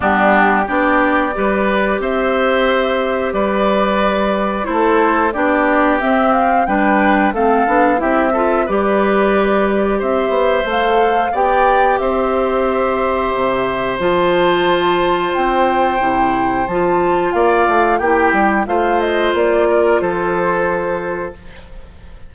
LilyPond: <<
  \new Staff \with { instrumentName = "flute" } { \time 4/4 \tempo 4 = 90 g'4 d''2 e''4~ | e''4 d''2 c''4 | d''4 e''8 f''8 g''4 f''4 | e''4 d''2 e''4 |
f''4 g''4 e''2~ | e''4 a''2 g''4~ | g''4 a''4 f''4 g''4 | f''8 dis''8 d''4 c''2 | }
  \new Staff \with { instrumentName = "oboe" } { \time 4/4 d'4 g'4 b'4 c''4~ | c''4 b'2 a'4 | g'2 b'4 a'4 | g'8 a'8 b'2 c''4~ |
c''4 d''4 c''2~ | c''1~ | c''2 d''4 g'4 | c''4. ais'8 a'2 | }
  \new Staff \with { instrumentName = "clarinet" } { \time 4/4 b4 d'4 g'2~ | g'2. e'4 | d'4 c'4 d'4 c'8 d'8 | e'8 f'8 g'2. |
a'4 g'2.~ | g'4 f'2. | e'4 f'2 e'4 | f'1 | }
  \new Staff \with { instrumentName = "bassoon" } { \time 4/4 g4 b4 g4 c'4~ | c'4 g2 a4 | b4 c'4 g4 a8 b8 | c'4 g2 c'8 b8 |
a4 b4 c'2 | c4 f2 c'4 | c4 f4 ais8 a8 ais8 g8 | a4 ais4 f2 | }
>>